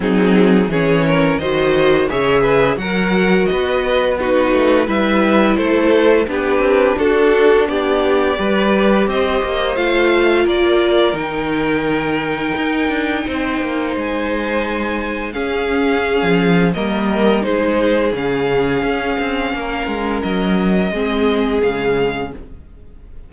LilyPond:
<<
  \new Staff \with { instrumentName = "violin" } { \time 4/4 \tempo 4 = 86 gis'4 cis''4 dis''4 e''4 | fis''4 dis''4 b'4 e''4 | c''4 b'4 a'4 d''4~ | d''4 dis''4 f''4 d''4 |
g''1 | gis''2 f''2 | dis''4 c''4 f''2~ | f''4 dis''2 f''4 | }
  \new Staff \with { instrumentName = "violin" } { \time 4/4 dis'4 gis'8 ais'8 c''4 cis''8 b'8 | ais'4 b'4 fis'4 b'4 | a'4 g'4 fis'4 g'4 | b'4 c''2 ais'4~ |
ais'2. c''4~ | c''2 gis'2 | ais'4 gis'2. | ais'2 gis'2 | }
  \new Staff \with { instrumentName = "viola" } { \time 4/4 c'4 cis'4 fis'4 gis'4 | fis'2 dis'4 e'4~ | e'4 d'2. | g'2 f'2 |
dis'1~ | dis'2 cis'2 | ais4 dis'4 cis'2~ | cis'2 c'4 gis4 | }
  \new Staff \with { instrumentName = "cello" } { \time 4/4 fis4 e4 dis4 cis4 | fis4 b4. a8 g4 | a4 b8 c'8 d'4 b4 | g4 c'8 ais8 a4 ais4 |
dis2 dis'8 d'8 c'8 ais8 | gis2 cis'4~ cis'16 f8. | g4 gis4 cis4 cis'8 c'8 | ais8 gis8 fis4 gis4 cis4 | }
>>